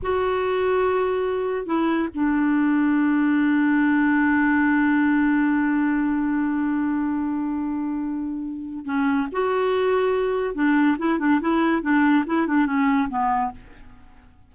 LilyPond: \new Staff \with { instrumentName = "clarinet" } { \time 4/4 \tempo 4 = 142 fis'1 | e'4 d'2.~ | d'1~ | d'1~ |
d'1~ | d'4 cis'4 fis'2~ | fis'4 d'4 e'8 d'8 e'4 | d'4 e'8 d'8 cis'4 b4 | }